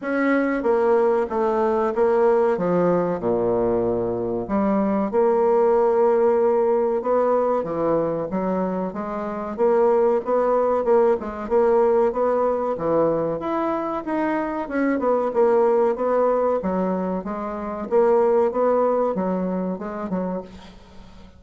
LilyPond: \new Staff \with { instrumentName = "bassoon" } { \time 4/4 \tempo 4 = 94 cis'4 ais4 a4 ais4 | f4 ais,2 g4 | ais2. b4 | e4 fis4 gis4 ais4 |
b4 ais8 gis8 ais4 b4 | e4 e'4 dis'4 cis'8 b8 | ais4 b4 fis4 gis4 | ais4 b4 fis4 gis8 fis8 | }